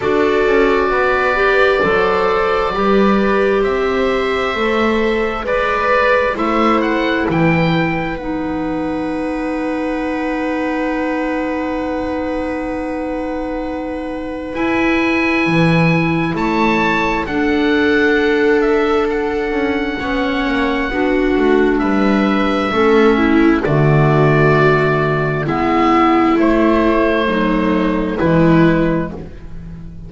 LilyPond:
<<
  \new Staff \with { instrumentName = "oboe" } { \time 4/4 \tempo 4 = 66 d''1 | e''2 d''4 e''8 fis''8 | g''4 fis''2.~ | fis''1 |
gis''2 a''4 fis''4~ | fis''8 e''8 fis''2. | e''2 d''2 | e''4 c''2 b'4 | }
  \new Staff \with { instrumentName = "viola" } { \time 4/4 a'4 b'4 c''4 b'4 | c''2 b'4 c''4 | b'1~ | b'1~ |
b'2 cis''4 a'4~ | a'2 cis''4 fis'4 | b'4 a'8 e'8 fis'2 | e'2 dis'4 e'4 | }
  \new Staff \with { instrumentName = "clarinet" } { \time 4/4 fis'4. g'8 a'4 g'4~ | g'4 a'4 b'4 e'4~ | e'4 dis'2.~ | dis'1 |
e'2. d'4~ | d'2 cis'4 d'4~ | d'4 cis'4 a2 | b4 a4 fis4 gis4 | }
  \new Staff \with { instrumentName = "double bass" } { \time 4/4 d'8 cis'8 b4 fis4 g4 | c'4 a4 gis4 a4 | e4 b2.~ | b1 |
e'4 e4 a4 d'4~ | d'4. cis'8 b8 ais8 b8 a8 | g4 a4 d2 | gis4 a2 e4 | }
>>